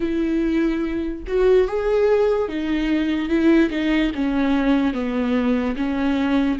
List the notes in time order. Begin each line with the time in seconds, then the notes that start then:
0.00 E4
1.27 F#4
1.67 G#4
2.48 D#4
3.28 E4
3.70 D#4
4.14 C#4
4.93 B3
5.76 C#4